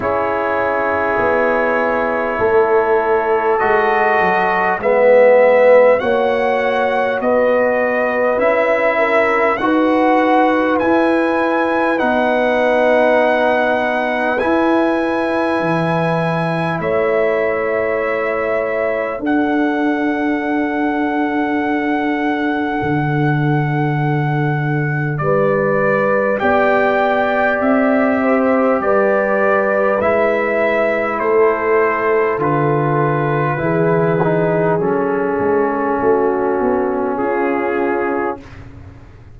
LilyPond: <<
  \new Staff \with { instrumentName = "trumpet" } { \time 4/4 \tempo 4 = 50 cis''2. dis''4 | e''4 fis''4 dis''4 e''4 | fis''4 gis''4 fis''2 | gis''2 e''2 |
fis''1~ | fis''4 d''4 g''4 e''4 | d''4 e''4 c''4 b'4~ | b'4 a'2 gis'4 | }
  \new Staff \with { instrumentName = "horn" } { \time 4/4 gis'2 a'2 | b'4 cis''4 b'4. ais'8 | b'1~ | b'2 cis''2 |
a'1~ | a'4 b'4 d''4. c''8 | b'2 a'2 | gis'2 fis'4 f'4 | }
  \new Staff \with { instrumentName = "trombone" } { \time 4/4 e'2. fis'4 | b4 fis'2 e'4 | fis'4 e'4 dis'2 | e'1 |
d'1~ | d'2 g'2~ | g'4 e'2 f'4 | e'8 dis'8 cis'2. | }
  \new Staff \with { instrumentName = "tuba" } { \time 4/4 cis'4 b4 a4 gis8 fis8 | gis4 ais4 b4 cis'4 | dis'4 e'4 b2 | e'4 e4 a2 |
d'2. d4~ | d4 g4 b4 c'4 | g4 gis4 a4 d4 | e4 fis8 gis8 a8 b8 cis'4 | }
>>